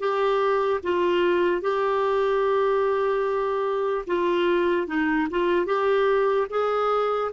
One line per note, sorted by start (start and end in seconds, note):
0.00 0.81 G4
0.84 1.62 F4
1.62 4.05 G4
4.07 4.88 F4
4.88 5.28 D#4
5.31 5.66 F4
5.66 6.48 G4
6.50 7.32 G#4